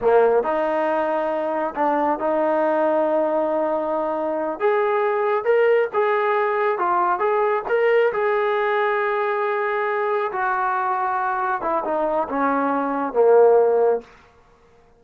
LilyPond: \new Staff \with { instrumentName = "trombone" } { \time 4/4 \tempo 4 = 137 ais4 dis'2. | d'4 dis'2.~ | dis'2~ dis'8 gis'4.~ | gis'8 ais'4 gis'2 f'8~ |
f'8 gis'4 ais'4 gis'4.~ | gis'2.~ gis'8 fis'8~ | fis'2~ fis'8 e'8 dis'4 | cis'2 ais2 | }